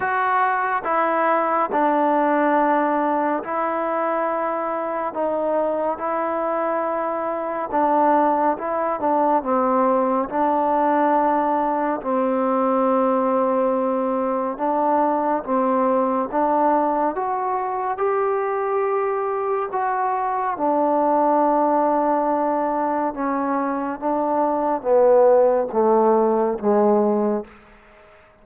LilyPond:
\new Staff \with { instrumentName = "trombone" } { \time 4/4 \tempo 4 = 70 fis'4 e'4 d'2 | e'2 dis'4 e'4~ | e'4 d'4 e'8 d'8 c'4 | d'2 c'2~ |
c'4 d'4 c'4 d'4 | fis'4 g'2 fis'4 | d'2. cis'4 | d'4 b4 a4 gis4 | }